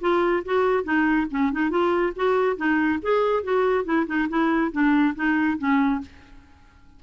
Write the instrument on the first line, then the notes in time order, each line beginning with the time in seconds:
clarinet
0.00 F4
0.44 F#4
0.84 D#4
1.30 C#4
1.52 D#4
1.70 F4
2.15 F#4
2.56 D#4
3.02 G#4
3.43 F#4
3.84 E4
4.06 D#4
4.28 E4
4.71 D4
5.15 D#4
5.58 C#4